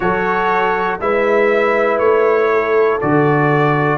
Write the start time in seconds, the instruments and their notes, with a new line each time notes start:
0.00 tuba F#3, trombone F#4, horn A4, trumpet C#5
1.00 tuba G#3, trombone E4, horn B4, trumpet E5
1.98 tuba A3, trumpet C#5
2.53 horn A4
3.00 tuba D3, trombone F#4, trumpet D5